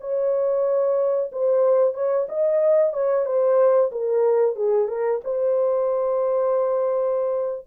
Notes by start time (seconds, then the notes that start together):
0.00 C#5
1.32 C5
1.94 C#5
2.29 D#5
2.93 C#5
3.25 C5
3.91 A#4
4.55 G#4
4.88 A#4
5.24 C5